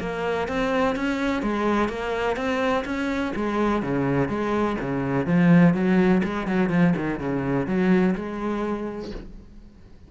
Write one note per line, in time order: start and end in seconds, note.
0.00 0.48 A#3
0.48 0.96 C4
0.96 1.42 C#4
1.42 1.89 G#3
1.89 2.36 A#3
2.36 2.84 C4
2.85 3.33 C#4
3.36 3.82 G#3
3.82 4.28 C#3
4.28 4.76 G#3
4.81 5.26 C#3
5.26 5.74 F3
5.74 6.22 F#3
6.23 6.47 G#3
6.47 6.69 F#3
6.69 6.93 F3
6.96 7.19 D#3
7.19 7.66 C#3
7.66 8.14 F#3
8.15 9.11 G#3